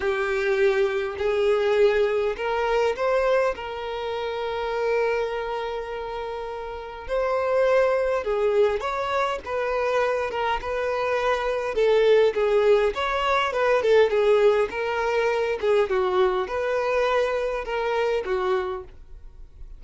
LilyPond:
\new Staff \with { instrumentName = "violin" } { \time 4/4 \tempo 4 = 102 g'2 gis'2 | ais'4 c''4 ais'2~ | ais'1 | c''2 gis'4 cis''4 |
b'4. ais'8 b'2 | a'4 gis'4 cis''4 b'8 a'8 | gis'4 ais'4. gis'8 fis'4 | b'2 ais'4 fis'4 | }